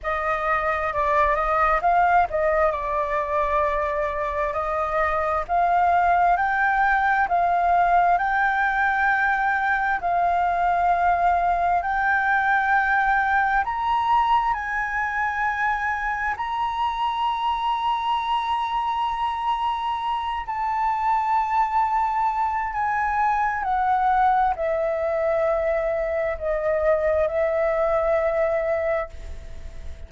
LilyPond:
\new Staff \with { instrumentName = "flute" } { \time 4/4 \tempo 4 = 66 dis''4 d''8 dis''8 f''8 dis''8 d''4~ | d''4 dis''4 f''4 g''4 | f''4 g''2 f''4~ | f''4 g''2 ais''4 |
gis''2 ais''2~ | ais''2~ ais''8 a''4.~ | a''4 gis''4 fis''4 e''4~ | e''4 dis''4 e''2 | }